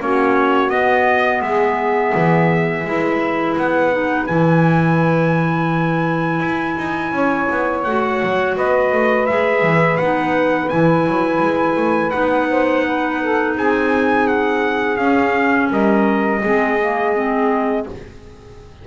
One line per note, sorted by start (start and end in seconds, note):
0.00 0.70 A#3
0.00 0.70 C#4
0.00 1.43 F#4
0.00 0.69 C#5
0.69 1.41 B3
0.69 2.84 B3
0.69 1.41 D#5
1.41 2.12 G#3
1.41 2.86 G#4
1.41 3.56 E5
2.15 2.84 E3
2.84 3.56 G#3
2.84 3.91 E4
2.84 7.14 B4
3.57 4.29 B3
3.57 4.26 F#5
3.91 4.27 D#4
4.26 6.40 E3
4.26 7.86 E4
4.26 7.83 G#5
6.40 6.76 E4
6.77 7.12 D#4
7.12 7.47 C#4
7.12 8.55 C#5
7.50 7.86 B3
7.83 8.21 A3
7.83 9.28 F#4
7.83 8.54 F#5
8.22 8.57 F#3
8.55 8.92 B3
8.55 12.48 B4
8.55 9.26 D#5
8.92 9.28 A3
9.26 9.62 G#3
9.26 9.99 G#4
9.26 9.97 E5
9.62 9.98 E3
9.97 10.71 B3
9.97 10.70 D#4
9.97 10.68 F#5
10.69 11.07 E3
10.69 12.12 E4
10.69 12.10 G#5
11.07 11.42 F#3
11.42 11.76 G#3
11.76 12.12 A3
12.10 13.56 B3
12.10 14.97 D#4
12.10 13.53 F#5
12.50 12.85 C5
12.85 13.21 B4
13.21 13.56 A4
13.56 14.97 C4
13.56 15.70 G#4
13.56 14.27 G#5
14.27 14.96 F#5
14.96 15.69 C#4
14.96 16.41 C#4
14.96 15.68 F5
15.70 16.41 G3
15.70 16.41 A#4
15.70 17.87 D#5
16.43 17.86 G#3
16.43 16.79 C4
16.43 17.86 G#4
16.80 17.14 A#3
17.14 17.86 C4